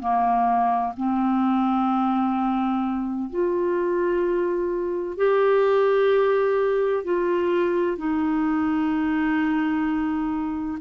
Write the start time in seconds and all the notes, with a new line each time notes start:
0.00 A#3
0.97 C4
3.30 F4
5.18 G4
7.04 F4
7.98 D#4